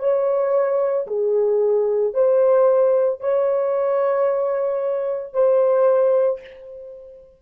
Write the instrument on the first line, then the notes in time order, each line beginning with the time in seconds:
horn
0.00 C#5
1.08 G#4
2.14 C5
3.20 C#5
5.34 C5